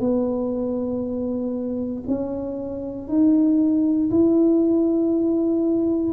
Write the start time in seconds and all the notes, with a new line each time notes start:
0.00 B3
2.08 C#4
3.08 D#4
4.10 E4